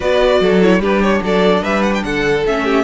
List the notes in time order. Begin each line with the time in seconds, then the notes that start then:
0.00 B3 F#4 B4 D5
0.40 F#3 A4
0.61 E4 C#5
0.79 G3 D4 G4 B4
1.02 C#5
1.21 F#3 A4 D5
1.62 G3 B4 E5
1.82 F#5
1.93 G5
2.03 D3 A4 F#5
2.46 A3 C#4 E5
2.64 G4